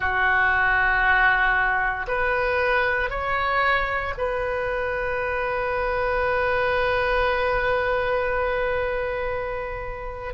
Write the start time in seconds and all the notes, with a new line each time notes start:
0.00 F#4
2.07 B4
3.10 C#5
4.17 B4